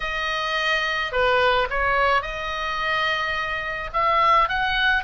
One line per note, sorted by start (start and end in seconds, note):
0.00 1.11 D#5
1.11 1.67 B4
1.70 2.21 C#5
2.21 3.90 D#5
3.93 4.49 E5
4.49 5.03 F#5